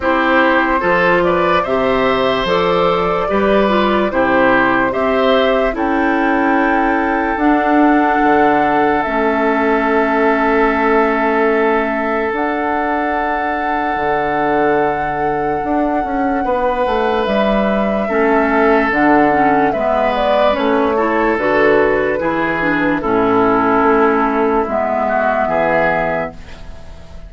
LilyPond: <<
  \new Staff \with { instrumentName = "flute" } { \time 4/4 \tempo 4 = 73 c''4. d''8 e''4 d''4~ | d''4 c''4 e''4 g''4~ | g''4 fis''2 e''4~ | e''2. fis''4~ |
fis''1~ | fis''4 e''2 fis''4 | e''8 d''8 cis''4 b'2 | a'2 e''2 | }
  \new Staff \with { instrumentName = "oboe" } { \time 4/4 g'4 a'8 b'8 c''2 | b'4 g'4 c''4 a'4~ | a'1~ | a'1~ |
a'1 | b'2 a'2 | b'4. a'4. gis'4 | e'2~ e'8 fis'8 gis'4 | }
  \new Staff \with { instrumentName = "clarinet" } { \time 4/4 e'4 f'4 g'4 a'4 | g'8 f'8 e'4 g'4 e'4~ | e'4 d'2 cis'4~ | cis'2. d'4~ |
d'1~ | d'2 cis'4 d'8 cis'8 | b4 cis'8 e'8 fis'4 e'8 d'8 | cis'2 b2 | }
  \new Staff \with { instrumentName = "bassoon" } { \time 4/4 c'4 f4 c4 f4 | g4 c4 c'4 cis'4~ | cis'4 d'4 d4 a4~ | a2. d'4~ |
d'4 d2 d'8 cis'8 | b8 a8 g4 a4 d4 | gis4 a4 d4 e4 | a,4 a4 gis4 e4 | }
>>